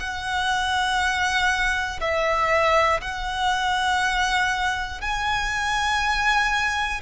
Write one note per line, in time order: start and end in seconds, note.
0.00 2.00 F#5
2.00 3.00 E5
3.01 5.01 F#5
5.01 7.01 G#5